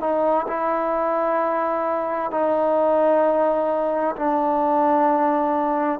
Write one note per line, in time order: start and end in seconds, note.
0.00 0.46 D#4
0.47 2.31 E4
2.31 4.15 D#4
4.15 6.00 D4